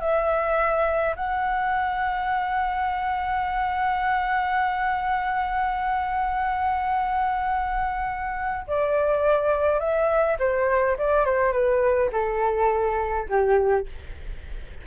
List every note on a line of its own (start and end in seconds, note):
0.00 1.15 E5
1.16 8.66 F#5
8.67 9.79 D5
9.79 10.37 E5
10.40 10.97 C5
10.98 11.25 D5
11.25 11.52 C5
11.52 12.10 B4
12.12 13.28 A4
13.29 13.86 G4